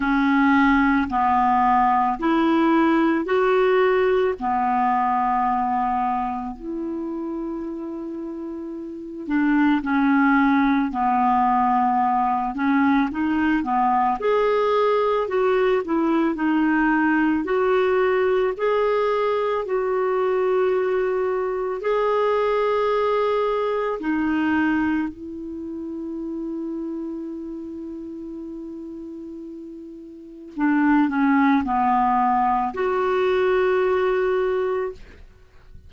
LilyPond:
\new Staff \with { instrumentName = "clarinet" } { \time 4/4 \tempo 4 = 55 cis'4 b4 e'4 fis'4 | b2 e'2~ | e'8 d'8 cis'4 b4. cis'8 | dis'8 b8 gis'4 fis'8 e'8 dis'4 |
fis'4 gis'4 fis'2 | gis'2 dis'4 e'4~ | e'1 | d'8 cis'8 b4 fis'2 | }